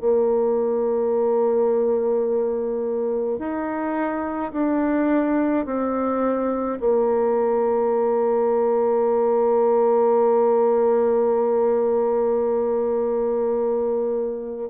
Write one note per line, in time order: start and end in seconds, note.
0.00 3.39 A#3
3.39 4.52 D#4
4.53 5.66 D4
5.66 6.79 C4
6.80 14.70 A#3